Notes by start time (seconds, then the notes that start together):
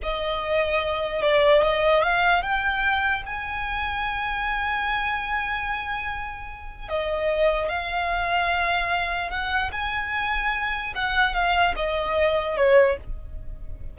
0.03 D#5
1.22 D5
1.62 D#5
2.03 F5
2.42 G5
3.25 G#5
6.88 D#5
7.68 F5
9.30 F#5
9.72 G#5
10.95 F#5
11.33 F5
11.75 D#5
12.56 C#5